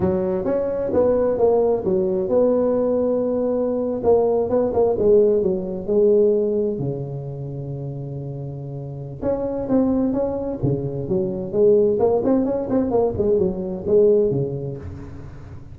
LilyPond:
\new Staff \with { instrumentName = "tuba" } { \time 4/4 \tempo 4 = 130 fis4 cis'4 b4 ais4 | fis4 b2.~ | b8. ais4 b8 ais8 gis4 fis16~ | fis8. gis2 cis4~ cis16~ |
cis1 | cis'4 c'4 cis'4 cis4 | fis4 gis4 ais8 c'8 cis'8 c'8 | ais8 gis8 fis4 gis4 cis4 | }